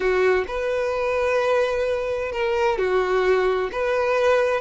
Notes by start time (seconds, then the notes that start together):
0.00 F#4
0.47 B4
2.32 A#4
2.77 F#4
3.72 B4